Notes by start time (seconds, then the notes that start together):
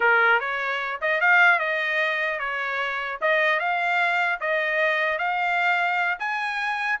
0.00 A#4
0.40 C#5
1.01 D#5
1.20 F5
1.59 D#5
2.39 C#5
3.21 D#5
3.59 F5
4.40 D#5
5.18 F5
6.19 G#5